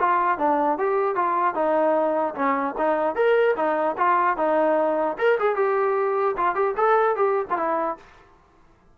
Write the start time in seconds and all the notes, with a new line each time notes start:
0.00 F4
0.39 D4
0.79 G4
1.16 F4
1.55 D#4
2.35 C#4
2.78 D#4
3.16 A#4
3.57 D#4
3.98 F4
4.37 D#4
5.19 A#4
5.40 G#4
5.56 G4
6.37 F4
6.56 G4
6.77 A4
7.16 G4
7.51 F4
7.58 E4